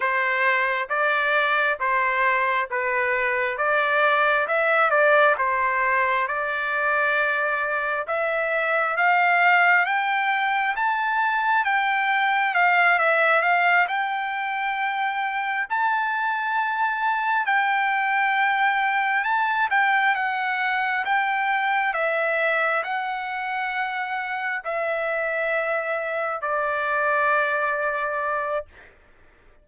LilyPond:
\new Staff \with { instrumentName = "trumpet" } { \time 4/4 \tempo 4 = 67 c''4 d''4 c''4 b'4 | d''4 e''8 d''8 c''4 d''4~ | d''4 e''4 f''4 g''4 | a''4 g''4 f''8 e''8 f''8 g''8~ |
g''4. a''2 g''8~ | g''4. a''8 g''8 fis''4 g''8~ | g''8 e''4 fis''2 e''8~ | e''4. d''2~ d''8 | }